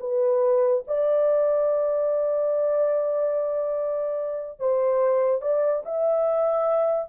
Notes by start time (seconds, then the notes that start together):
0.00 B4
0.87 D5
4.59 C5
5.41 D5
5.85 E5